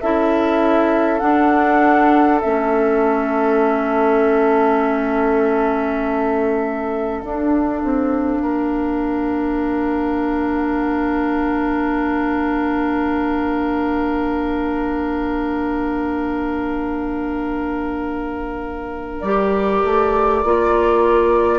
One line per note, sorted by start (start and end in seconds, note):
0.00 1.22 C#4
0.00 1.20 E4
0.00 8.42 A4
0.00 1.20 E5
1.20 2.40 D4
1.20 2.42 D4
1.20 2.40 F#5
2.41 7.23 A3
2.41 7.24 C#4
2.41 7.21 E5
7.21 7.83 D4
7.21 19.25 D4
7.21 19.21 F5
7.83 8.43 C4
8.42 19.22 A#3
8.42 21.59 A#4
19.21 19.82 G3
19.21 20.45 G4
19.21 21.59 D5
19.84 20.44 A3
20.44 21.59 A#3
20.44 21.59 F4